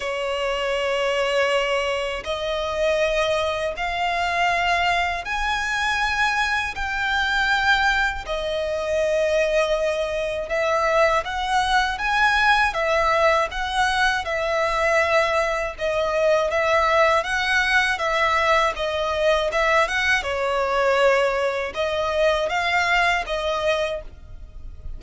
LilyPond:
\new Staff \with { instrumentName = "violin" } { \time 4/4 \tempo 4 = 80 cis''2. dis''4~ | dis''4 f''2 gis''4~ | gis''4 g''2 dis''4~ | dis''2 e''4 fis''4 |
gis''4 e''4 fis''4 e''4~ | e''4 dis''4 e''4 fis''4 | e''4 dis''4 e''8 fis''8 cis''4~ | cis''4 dis''4 f''4 dis''4 | }